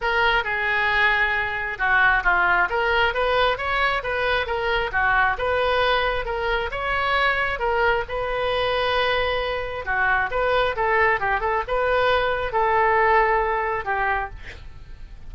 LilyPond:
\new Staff \with { instrumentName = "oboe" } { \time 4/4 \tempo 4 = 134 ais'4 gis'2. | fis'4 f'4 ais'4 b'4 | cis''4 b'4 ais'4 fis'4 | b'2 ais'4 cis''4~ |
cis''4 ais'4 b'2~ | b'2 fis'4 b'4 | a'4 g'8 a'8 b'2 | a'2. g'4 | }